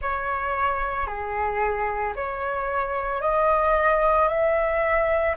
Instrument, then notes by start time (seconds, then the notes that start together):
flute
0.01 C#5
1.06 G#4
2.15 C#5
3.21 D#5
4.28 E5